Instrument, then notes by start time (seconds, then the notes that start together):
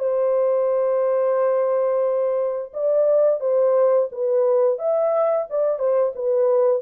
horn
0.00 C5
2.74 D5
3.41 C5
4.12 B4
4.79 E5
5.50 D5
5.80 C5
6.16 B4